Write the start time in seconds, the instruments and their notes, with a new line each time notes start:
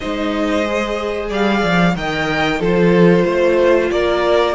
0.00 cello G#3, viola D#4, violin C5 D#5
0.64 viola G#4
1.29 cello G3, violin D5 F5
1.63 cello F3
1.95 cello D#3, viola A#4, violin D#5 G5
2.59 cello F3, viola F4, violin A4 C5
3.25 cello A3, violin C5
3.90 cello A#3, violin A#4 D5